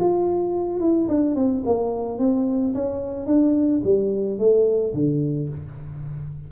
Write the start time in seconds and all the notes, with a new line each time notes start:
0.00 F4
0.80 E4
1.09 D4
1.35 C4
1.65 A#3
2.19 C4
2.74 C#4
3.26 D4
3.84 G3
4.39 A3
4.94 D3